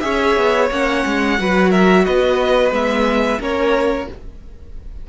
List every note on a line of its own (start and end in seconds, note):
0.00 0.36 C#4
0.00 0.68 G#4
0.00 1.39 C#5
0.00 0.67 E5
0.36 0.70 B3
0.70 1.04 A#3
0.70 1.38 C#4
0.70 1.71 F#5
1.06 1.39 G#3
1.38 2.07 F#3
1.38 2.72 F#4
1.38 1.70 B4
1.70 2.04 A#4
1.70 2.04 E5
2.04 2.71 B3
2.04 3.40 B4
2.04 2.72 D#5
2.71 3.39 G#3
2.71 3.39 B3
2.71 3.42 E5
3.40 4.07 A#3
3.40 4.07 C#4
3.40 4.07 A#4
3.40 4.09 C#5